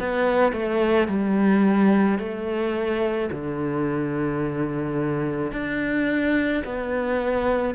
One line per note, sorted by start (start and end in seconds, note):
0.00 0.53 B3
0.53 1.08 A3
1.08 2.19 G3
2.19 3.30 A3
3.31 5.52 D3
5.52 6.63 D4
6.65 7.75 B3